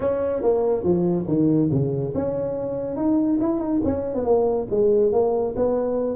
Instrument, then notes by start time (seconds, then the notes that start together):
tuba
0.00 C#4
0.42 A#3
0.83 F3
1.27 D#3
1.71 C#3
2.15 C#4
2.96 D#4
3.40 E4
3.59 D#4
3.85 C#4
4.14 B3
4.24 A#3
4.70 G#3
5.12 A#3
5.56 B3